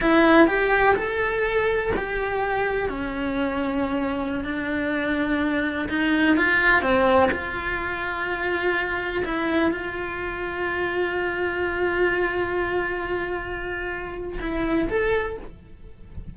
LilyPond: \new Staff \with { instrumentName = "cello" } { \time 4/4 \tempo 4 = 125 e'4 g'4 a'2 | g'2 cis'2~ | cis'4~ cis'16 d'2~ d'8.~ | d'16 dis'4 f'4 c'4 f'8.~ |
f'2.~ f'16 e'8.~ | e'16 f'2.~ f'8.~ | f'1~ | f'2 e'4 a'4 | }